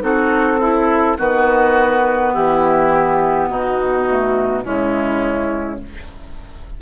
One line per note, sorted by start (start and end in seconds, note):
0.00 1.17 C4
0.00 0.58 D#4
0.00 0.60 F#4
0.00 1.18 A4
0.60 1.18 E4
0.60 1.17 E4
1.17 2.34 D#3
1.17 4.06 B3
1.17 2.33 F#4
1.17 2.34 B4
2.33 3.49 E3
2.33 3.49 E4
2.33 3.50 G4
3.49 4.64 B2
3.49 4.64 D#4
3.49 4.65 F#4
4.08 4.63 A3
4.63 5.81 C#3
4.63 5.78 G#3
4.63 5.79 C#4
4.63 5.81 E4